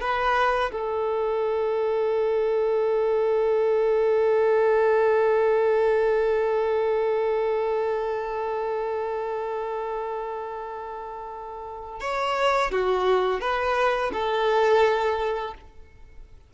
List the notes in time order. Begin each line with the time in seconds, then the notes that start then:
0.00 B4
0.72 A4
12.00 C#5
12.71 F#4
13.40 B4
14.12 A4